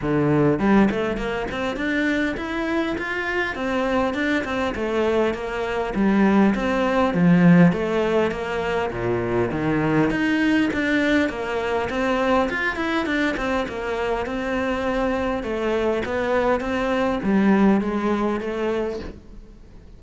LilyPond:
\new Staff \with { instrumentName = "cello" } { \time 4/4 \tempo 4 = 101 d4 g8 a8 ais8 c'8 d'4 | e'4 f'4 c'4 d'8 c'8 | a4 ais4 g4 c'4 | f4 a4 ais4 ais,4 |
dis4 dis'4 d'4 ais4 | c'4 f'8 e'8 d'8 c'8 ais4 | c'2 a4 b4 | c'4 g4 gis4 a4 | }